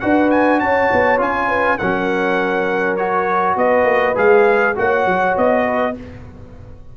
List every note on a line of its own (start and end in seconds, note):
0.00 0.61 D4
0.00 1.18 F#4
0.00 0.61 B4
0.00 0.30 F#5
0.30 0.60 G#5
0.60 0.90 C#4
0.60 1.49 C#5
0.60 1.19 A5
0.92 1.20 B3
1.18 1.79 C#4
1.18 1.77 F4
1.18 1.78 G#5
1.49 1.78 B4
1.78 3.56 F#3
1.78 2.99 C#4
1.78 3.58 A#4
1.78 2.96 F#5
2.96 4.15 F#4
2.96 3.56 C#5
3.56 3.84 B3
3.56 4.77 B4
3.56 4.17 D#5
3.84 4.14 A#3
4.15 4.76 G#3
4.15 4.75 G#4
4.15 4.77 F5
4.75 5.06 A#3
4.75 5.94 F#4
4.75 5.65 C#5
4.75 5.37 F#5
5.06 5.35 F#3
5.37 5.97 B3
5.37 5.97 D#5
5.65 5.94 B4